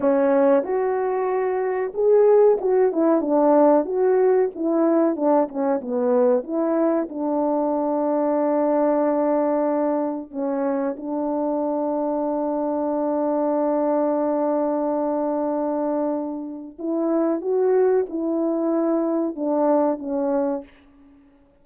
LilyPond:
\new Staff \with { instrumentName = "horn" } { \time 4/4 \tempo 4 = 93 cis'4 fis'2 gis'4 | fis'8 e'8 d'4 fis'4 e'4 | d'8 cis'8 b4 e'4 d'4~ | d'1 |
cis'4 d'2.~ | d'1~ | d'2 e'4 fis'4 | e'2 d'4 cis'4 | }